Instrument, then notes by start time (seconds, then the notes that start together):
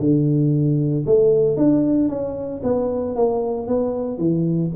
tuba
0.00 D3
1.06 A3
1.57 D4
2.09 C#4
2.64 B3
3.16 A#3
3.68 B3
4.18 E3